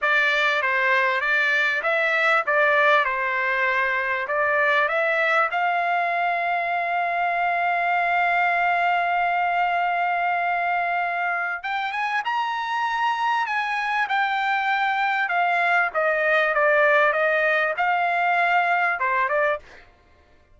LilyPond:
\new Staff \with { instrumentName = "trumpet" } { \time 4/4 \tempo 4 = 98 d''4 c''4 d''4 e''4 | d''4 c''2 d''4 | e''4 f''2.~ | f''1~ |
f''2. g''8 gis''8 | ais''2 gis''4 g''4~ | g''4 f''4 dis''4 d''4 | dis''4 f''2 c''8 d''8 | }